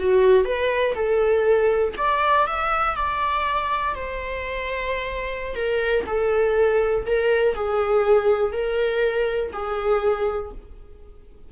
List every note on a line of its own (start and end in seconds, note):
0.00 0.45 F#4
0.45 0.95 B4
0.96 1.95 A4
1.98 2.47 D5
2.47 2.97 E5
2.97 3.95 D5
3.95 5.56 C5
5.56 6.05 A#4
6.07 7.06 A4
7.07 7.56 A#4
7.56 8.53 G#4
8.53 9.52 A#4
9.53 10.52 G#4